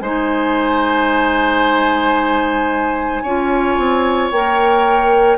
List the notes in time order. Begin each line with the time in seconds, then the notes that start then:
0.00 G#3 D#4 C5 G#5
3.23 C#4 F4 C#5
3.77 C4
4.31 A#3 A#4 G5